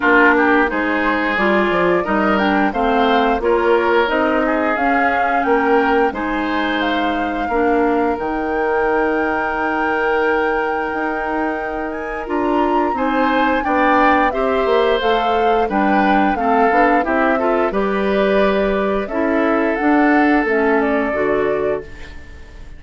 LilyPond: <<
  \new Staff \with { instrumentName = "flute" } { \time 4/4 \tempo 4 = 88 ais'4 c''4 d''4 dis''8 g''8 | f''4 cis''4 dis''4 f''4 | g''4 gis''4 f''2 | g''1~ |
g''4. gis''8 ais''4 gis''4 | g''4 e''4 f''4 g''4 | f''4 e''4 d''2 | e''4 fis''4 e''8 d''4. | }
  \new Staff \with { instrumentName = "oboe" } { \time 4/4 f'8 g'8 gis'2 ais'4 | c''4 ais'4. gis'4. | ais'4 c''2 ais'4~ | ais'1~ |
ais'2. c''4 | d''4 c''2 b'4 | a'4 g'8 a'8 b'2 | a'1 | }
  \new Staff \with { instrumentName = "clarinet" } { \time 4/4 d'4 dis'4 f'4 dis'8 d'8 | c'4 f'4 dis'4 cis'4~ | cis'4 dis'2 d'4 | dis'1~ |
dis'2 f'4 dis'4 | d'4 g'4 a'4 d'4 | c'8 d'8 e'8 f'8 g'2 | e'4 d'4 cis'4 fis'4 | }
  \new Staff \with { instrumentName = "bassoon" } { \time 4/4 ais4 gis4 g8 f8 g4 | a4 ais4 c'4 cis'4 | ais4 gis2 ais4 | dis1 |
dis'2 d'4 c'4 | b4 c'8 ais8 a4 g4 | a8 b8 c'4 g2 | cis'4 d'4 a4 d4 | }
>>